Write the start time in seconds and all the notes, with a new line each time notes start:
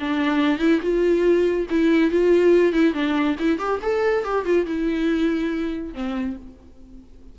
0.00 D4
0.59 E4
0.82 F4
1.70 E4
2.11 F4
2.73 E4
2.94 D4
3.39 E4
3.59 G4
3.82 A4
4.24 G4
4.45 F4
4.66 E4
5.94 C4